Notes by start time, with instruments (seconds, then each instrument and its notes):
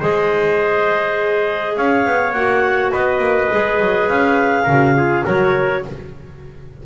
0.00 double bass G#3, clarinet G#4 D#5, trumpet C5
1.76 double bass C#4, trumpet C#5, clarinet F5
2.05 double bass B3
2.32 double bass A#3, clarinet F#4 F#5
2.91 double bass B3, trumpet B4, clarinet D#5
3.18 double bass A#3
3.51 double bass G#3, clarinet G#4
3.80 double bass F#3
4.08 double bass C#4, clarinet F5
4.63 double bass C#3, clarinet F#4, trumpet A#4
4.95 clarinet F4, trumpet G#4
5.24 double bass F#3, clarinet F#4 C#5, trumpet A#4